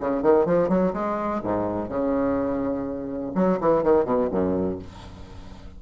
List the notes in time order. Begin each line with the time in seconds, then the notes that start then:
0.00 C#3
0.23 D#3
0.46 F3
0.69 F#3
0.94 G#3
1.44 G#2
1.89 C#3
3.35 F#3
3.61 E3
3.84 D#3
4.05 B2
4.31 F#2